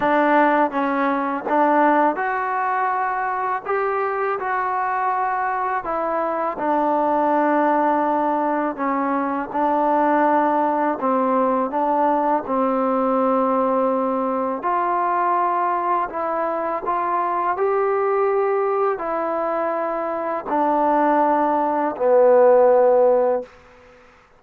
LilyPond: \new Staff \with { instrumentName = "trombone" } { \time 4/4 \tempo 4 = 82 d'4 cis'4 d'4 fis'4~ | fis'4 g'4 fis'2 | e'4 d'2. | cis'4 d'2 c'4 |
d'4 c'2. | f'2 e'4 f'4 | g'2 e'2 | d'2 b2 | }